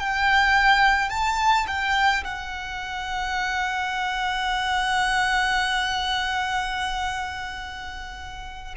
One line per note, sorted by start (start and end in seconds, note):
0.00 1.10 G5
1.10 1.66 A5
1.67 2.24 G5
2.24 8.75 F#5